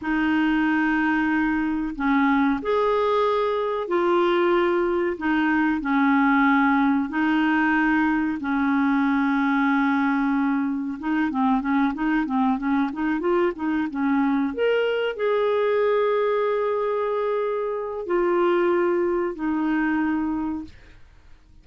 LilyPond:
\new Staff \with { instrumentName = "clarinet" } { \time 4/4 \tempo 4 = 93 dis'2. cis'4 | gis'2 f'2 | dis'4 cis'2 dis'4~ | dis'4 cis'2.~ |
cis'4 dis'8 c'8 cis'8 dis'8 c'8 cis'8 | dis'8 f'8 dis'8 cis'4 ais'4 gis'8~ | gis'1 | f'2 dis'2 | }